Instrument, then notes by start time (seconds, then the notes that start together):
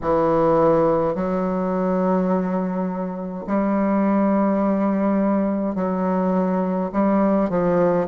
bassoon
0.01 E3
1.14 F#3
3.46 G3
5.75 F#3
6.92 G3
7.49 F3